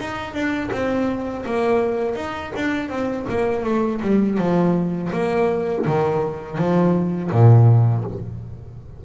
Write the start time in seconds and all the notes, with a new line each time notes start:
0.00 D#4
0.34 D4
0.72 C4
1.46 A#3
2.16 D#4
2.56 D4
2.89 C4
3.29 A#3
3.64 A3
4.01 G3
4.38 F3
5.13 A#3
5.86 D#3
6.58 F3
7.31 A#2